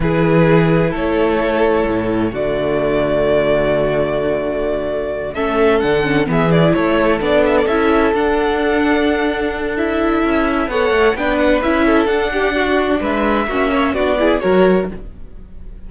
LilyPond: <<
  \new Staff \with { instrumentName = "violin" } { \time 4/4 \tempo 4 = 129 b'2 cis''2~ | cis''4 d''2.~ | d''2.~ d''8 e''8~ | e''8 fis''4 e''8 d''8 cis''4 d''8 |
e''16 d''16 e''4 fis''2~ fis''8~ | fis''4 e''2 fis''4 | g''8 fis''8 e''4 fis''2 | e''2 d''4 cis''4 | }
  \new Staff \with { instrumentName = "violin" } { \time 4/4 gis'2 a'2~ | a'4 fis'2.~ | fis'2.~ fis'8 a'8~ | a'4. gis'4 a'4.~ |
a'1~ | a'2. cis''4 | b'4. a'4 g'8 fis'4 | b'4 fis'8 cis''8 fis'8 gis'8 ais'4 | }
  \new Staff \with { instrumentName = "viola" } { \time 4/4 e'1~ | e'4 a2.~ | a2.~ a8 cis'8~ | cis'8 d'8 cis'8 b8 e'4. d'8~ |
d'8 e'4 d'2~ d'8~ | d'4 e'2 a'4 | d'4 e'4 d'2~ | d'4 cis'4 d'8 e'8 fis'4 | }
  \new Staff \with { instrumentName = "cello" } { \time 4/4 e2 a2 | a,4 d2.~ | d2.~ d8 a8~ | a8 d4 e4 a4 b8~ |
b8 cis'4 d'2~ d'8~ | d'2 cis'4 b8 a8 | b4 cis'4 d'2 | gis4 ais4 b4 fis4 | }
>>